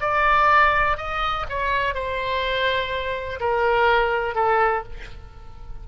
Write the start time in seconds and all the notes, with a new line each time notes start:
0.00 D5
0.97 D#5
1.49 C#5
1.94 C5
3.40 A#4
4.35 A4